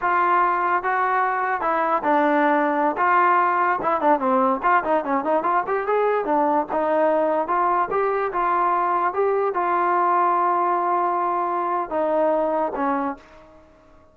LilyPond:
\new Staff \with { instrumentName = "trombone" } { \time 4/4 \tempo 4 = 146 f'2 fis'2 | e'4 d'2~ d'16 f'8.~ | f'4~ f'16 e'8 d'8 c'4 f'8 dis'16~ | dis'16 cis'8 dis'8 f'8 g'8 gis'4 d'8.~ |
d'16 dis'2 f'4 g'8.~ | g'16 f'2 g'4 f'8.~ | f'1~ | f'4 dis'2 cis'4 | }